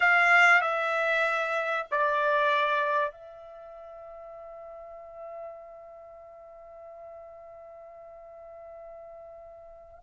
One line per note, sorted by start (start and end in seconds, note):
0.00 0.61 F5
0.61 1.86 E5
1.90 3.11 D5
3.11 9.99 E5